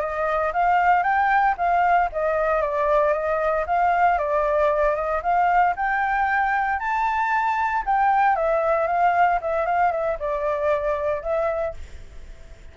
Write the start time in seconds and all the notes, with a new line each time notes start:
0.00 D#5
0.53 F5
1.03 G5
1.57 F5
2.12 D#5
2.62 D5
3.13 D#5
3.66 F5
4.18 D5
4.95 D#5
5.22 F5
5.76 G5
6.79 A5
7.86 G5
8.36 E5
8.87 F5
9.42 E5
9.65 F5
9.92 E5
10.19 D5
11.22 E5